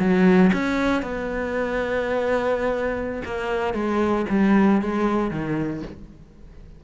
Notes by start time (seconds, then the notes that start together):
0.00 F#3
0.54 C#4
1.03 B3
3.25 A#3
3.75 G#3
4.30 G3
4.82 G#3
5.31 D#3